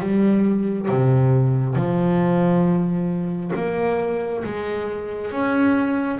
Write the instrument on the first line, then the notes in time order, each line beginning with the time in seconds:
double bass
0.00 G3
0.88 C3
1.75 F3
3.55 A#3
4.44 G#3
5.31 C#4